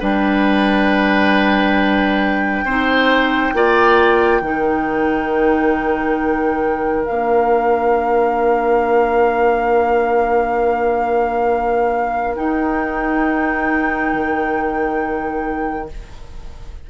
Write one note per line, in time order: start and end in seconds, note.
0.00 2.64 G3
0.00 2.65 D4
0.00 2.65 B4
0.00 7.06 G5
2.64 3.52 C4
2.64 3.54 D#4
2.64 3.53 C5
3.53 4.41 A#3
3.53 4.42 F4
3.53 4.41 D5
4.41 7.06 D#3
4.41 7.05 D#4
4.41 15.88 A#4
7.05 12.37 A#3
7.05 12.35 D4
7.05 12.35 F5
12.35 15.88 D#4
12.35 14.13 D#4
12.35 15.89 G5
14.13 15.90 D#3